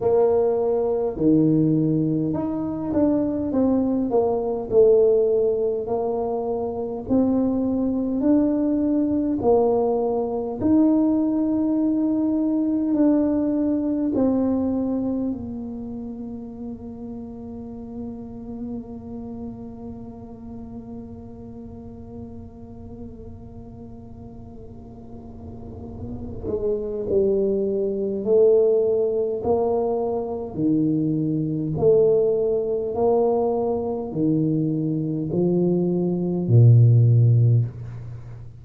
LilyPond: \new Staff \with { instrumentName = "tuba" } { \time 4/4 \tempo 4 = 51 ais4 dis4 dis'8 d'8 c'8 ais8 | a4 ais4 c'4 d'4 | ais4 dis'2 d'4 | c'4 ais2.~ |
ais1~ | ais2~ ais8 gis8 g4 | a4 ais4 dis4 a4 | ais4 dis4 f4 ais,4 | }